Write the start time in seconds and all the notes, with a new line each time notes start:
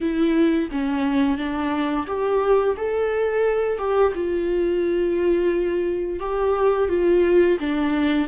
0.00 E4
0.71 C#4
1.37 D4
2.06 G4
2.76 A4
3.78 G4
4.14 F4
6.19 G4
6.88 F4
7.60 D4